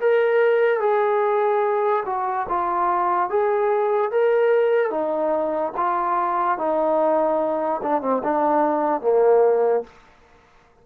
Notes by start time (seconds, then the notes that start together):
0.00 A#4
0.80 G#4
2.05 F#4
2.48 F4
3.30 G#4
4.11 A#4
4.90 D#4
5.76 F4
6.58 D#4
7.82 D4
8.01 C4
8.23 D4
9.01 A#3